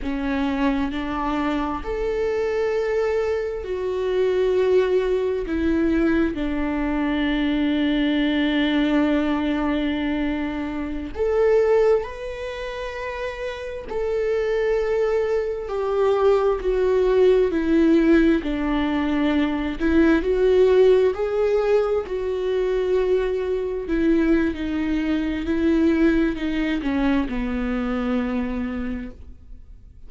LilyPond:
\new Staff \with { instrumentName = "viola" } { \time 4/4 \tempo 4 = 66 cis'4 d'4 a'2 | fis'2 e'4 d'4~ | d'1~ | d'16 a'4 b'2 a'8.~ |
a'4~ a'16 g'4 fis'4 e'8.~ | e'16 d'4. e'8 fis'4 gis'8.~ | gis'16 fis'2 e'8. dis'4 | e'4 dis'8 cis'8 b2 | }